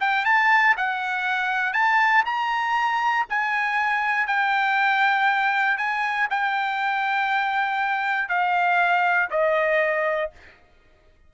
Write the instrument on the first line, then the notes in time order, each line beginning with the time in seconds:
trumpet
0.00 G5
0.25 A5
0.77 F#5
1.73 A5
2.25 A#5
3.29 G#5
4.27 G5
5.77 G#5
6.30 G5
8.28 F5
9.30 D#5